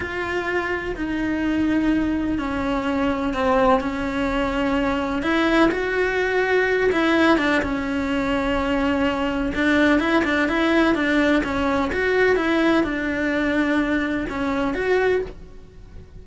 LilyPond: \new Staff \with { instrumentName = "cello" } { \time 4/4 \tempo 4 = 126 f'2 dis'2~ | dis'4 cis'2 c'4 | cis'2. e'4 | fis'2~ fis'8 e'4 d'8 |
cis'1 | d'4 e'8 d'8 e'4 d'4 | cis'4 fis'4 e'4 d'4~ | d'2 cis'4 fis'4 | }